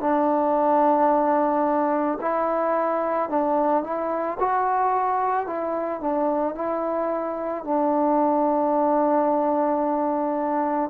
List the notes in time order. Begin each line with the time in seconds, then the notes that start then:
0.00 D4
2.21 E4
3.29 D4
3.83 E4
4.39 F#4
5.46 E4
6.00 D4
6.55 E4
7.64 D4